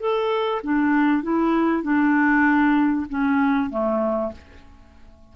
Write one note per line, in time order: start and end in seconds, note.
0.00 0.62 A4
0.63 1.23 D4
1.23 1.83 E4
1.83 3.07 D4
3.09 3.70 C#4
3.70 4.32 A3